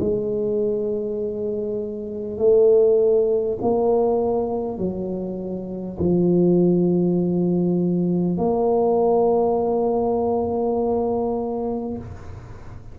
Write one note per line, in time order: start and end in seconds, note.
0.00 2.38 G#3
2.38 3.58 A3
3.62 4.78 A#3
4.78 5.98 F#3
5.98 8.38 F3
8.38 11.98 A#3